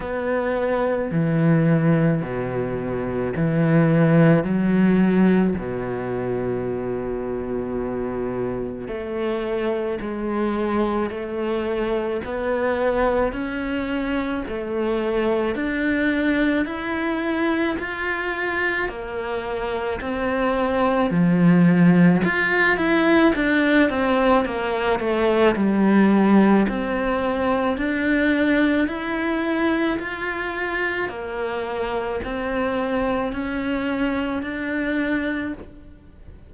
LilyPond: \new Staff \with { instrumentName = "cello" } { \time 4/4 \tempo 4 = 54 b4 e4 b,4 e4 | fis4 b,2. | a4 gis4 a4 b4 | cis'4 a4 d'4 e'4 |
f'4 ais4 c'4 f4 | f'8 e'8 d'8 c'8 ais8 a8 g4 | c'4 d'4 e'4 f'4 | ais4 c'4 cis'4 d'4 | }